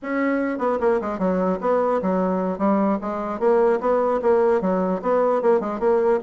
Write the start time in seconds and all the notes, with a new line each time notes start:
0.02 C#4
0.58 B3
0.80 A#3
1.01 G#3
1.18 F#3
1.60 B3
2.02 F#3
2.58 G3
3.01 G#3
3.39 A#3
3.80 B3
4.21 A#3
4.61 F#3
5.01 B3
5.41 A#3
5.60 G#3
5.79 A#3